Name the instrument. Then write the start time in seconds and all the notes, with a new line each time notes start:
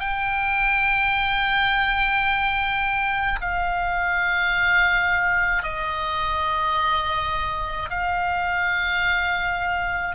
oboe
0.00 G5
3.41 F5
5.63 D#5
7.90 F5